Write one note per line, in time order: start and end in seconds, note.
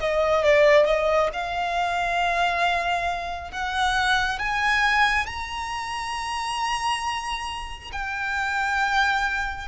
0.00 0.44 D#5
0.44 0.86 D5
0.86 1.30 D#5
1.33 3.51 F5
3.51 4.39 F#5
4.39 5.26 G#5
5.26 7.91 A#5
7.92 9.68 G5